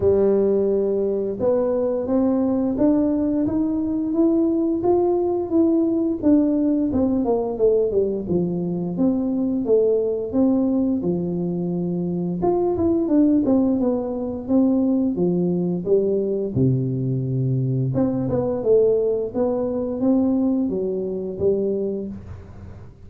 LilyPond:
\new Staff \with { instrumentName = "tuba" } { \time 4/4 \tempo 4 = 87 g2 b4 c'4 | d'4 dis'4 e'4 f'4 | e'4 d'4 c'8 ais8 a8 g8 | f4 c'4 a4 c'4 |
f2 f'8 e'8 d'8 c'8 | b4 c'4 f4 g4 | c2 c'8 b8 a4 | b4 c'4 fis4 g4 | }